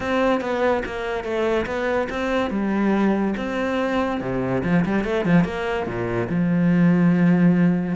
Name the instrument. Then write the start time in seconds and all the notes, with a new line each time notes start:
cello
0.00 C4
0.40 B3
0.85 A#3
1.23 A3
1.66 B3
2.09 C4
2.50 G3
3.36 C4
4.20 C3
4.63 F3
4.85 G3
5.04 A3
5.25 F3
5.44 A#3
5.86 A#2
6.29 F3